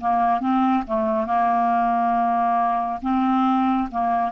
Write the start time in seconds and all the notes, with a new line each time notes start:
0.00 A#3
0.40 C4
0.87 A3
1.26 A#3
3.02 C4
3.91 A#3